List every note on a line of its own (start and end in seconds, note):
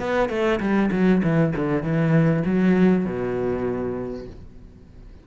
0.00 0.29 B3
0.29 0.60 A3
0.60 0.91 G3
0.92 1.22 F#3
1.24 1.54 E3
1.56 1.83 D3
1.83 2.44 E3
2.46 3.06 F#3
3.06 4.27 B2